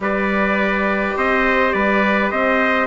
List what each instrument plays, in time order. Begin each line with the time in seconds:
0.00 bassoon G3, viola G4, trumpet B4 D5
1.16 bassoon C4, trumpet C5 D#5
1.72 bassoon G3, trumpet B4 D5
2.30 bassoon C4, trumpet C5 D#5